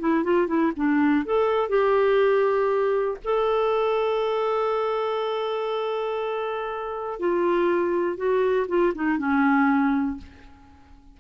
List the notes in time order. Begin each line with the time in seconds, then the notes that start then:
0.00 E4
0.24 F4
0.48 E4
0.77 D4
1.26 A4
1.69 G4
3.25 A4
7.20 F4
8.17 F#4
8.69 F4
8.95 D#4
9.18 C#4